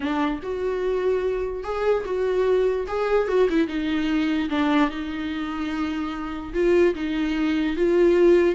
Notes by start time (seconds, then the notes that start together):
0.00 D4
0.42 F#4
1.63 G#4
2.05 F#4
2.87 G#4
3.28 F#4
3.49 E4
3.67 D#4
4.49 D4
4.90 D#4
6.53 F4
6.94 D#4
7.76 F4